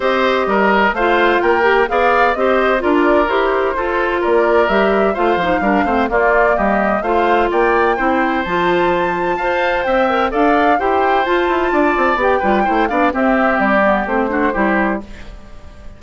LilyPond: <<
  \new Staff \with { instrumentName = "flute" } { \time 4/4 \tempo 4 = 128 dis''2 f''4 g''4 | f''4 dis''4 d''4 c''4~ | c''4 d''4 e''4 f''4~ | f''4 d''4 dis''4 f''4 |
g''2 a''2~ | a''4 g''4 f''4 g''4 | a''2 g''4. f''8 | e''4 d''4 c''2 | }
  \new Staff \with { instrumentName = "oboe" } { \time 4/4 c''4 ais'4 c''4 ais'4 | d''4 c''4 ais'2 | a'4 ais'2 c''4 | ais'8 c''8 f'4 g'4 c''4 |
d''4 c''2. | f''4 e''4 d''4 c''4~ | c''4 d''4. b'8 c''8 d''8 | g'2~ g'8 fis'8 g'4 | }
  \new Staff \with { instrumentName = "clarinet" } { \time 4/4 g'2 f'4. g'8 | gis'4 g'4 f'4 g'4 | f'2 g'4 f'8 dis'8 | d'8 c'8 ais2 f'4~ |
f'4 e'4 f'2 | c''4. ais'8 a'4 g'4 | f'2 g'8 f'8 e'8 d'8 | c'4. b8 c'8 d'8 e'4 | }
  \new Staff \with { instrumentName = "bassoon" } { \time 4/4 c'4 g4 a4 ais4 | b4 c'4 d'4 e'4 | f'4 ais4 g4 a8 f8 | g8 a8 ais4 g4 a4 |
ais4 c'4 f2 | f'4 c'4 d'4 e'4 | f'8 e'8 d'8 c'8 b8 g8 a8 b8 | c'4 g4 a4 g4 | }
>>